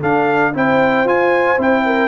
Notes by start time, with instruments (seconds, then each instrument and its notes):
0.00 trombone D4, tuba D4, horn A4, trumpet F5
0.54 tuba C4, trombone E4, horn C5, trumpet G5
1.05 tuba F4, trombone F4, trumpet G#5
1.58 tuba C4, trombone E4, trumpet G5
1.86 horn A#4